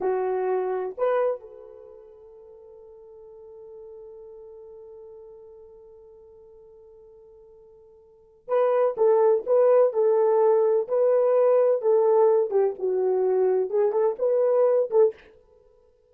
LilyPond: \new Staff \with { instrumentName = "horn" } { \time 4/4 \tempo 4 = 127 fis'2 b'4 a'4~ | a'1~ | a'1~ | a'1~ |
a'2 b'4 a'4 | b'4 a'2 b'4~ | b'4 a'4. g'8 fis'4~ | fis'4 gis'8 a'8 b'4. a'8 | }